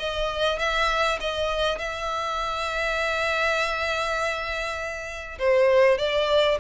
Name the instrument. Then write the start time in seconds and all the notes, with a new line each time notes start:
violin
0.00 D#5
0.59 E5
1.21 D#5
1.79 E5
5.39 C5
5.99 D5